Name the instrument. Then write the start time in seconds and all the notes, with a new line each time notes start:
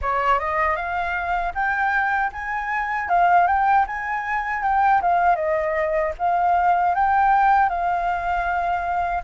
flute
0.01 C#5
0.39 D#5
0.76 F5
1.54 G5
2.32 G#5
3.08 F5
3.47 G5
3.86 G#5
4.63 G5
5.01 F5
5.35 D#5
6.18 F5
6.94 G5
7.69 F5